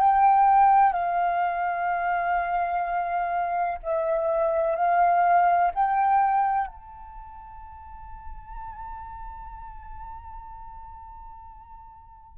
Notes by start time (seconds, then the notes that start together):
0.00 G5
0.93 F5
3.83 E5
4.76 F5
5.74 G5
6.68 A5